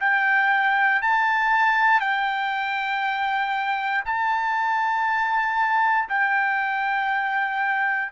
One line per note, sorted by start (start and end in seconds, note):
0.00 1.02 G5
1.02 2.00 A5
2.00 4.04 G5
4.05 6.09 A5
6.09 8.12 G5